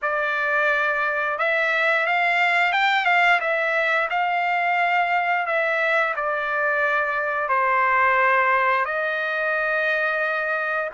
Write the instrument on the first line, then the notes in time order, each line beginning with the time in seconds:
trumpet
0.02 D5
1.38 E5
2.06 F5
2.72 G5
3.05 F5
3.40 E5
4.09 F5
5.46 E5
6.16 D5
7.48 C5
8.85 D#5